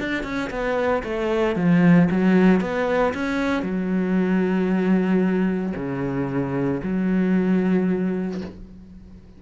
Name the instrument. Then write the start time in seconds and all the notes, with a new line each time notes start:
cello
0.00 D4
0.24 C#4
0.50 B3
1.04 A3
1.56 F3
2.11 F#3
2.61 B3
3.14 C#4
3.63 F#3
5.76 C#3
6.83 F#3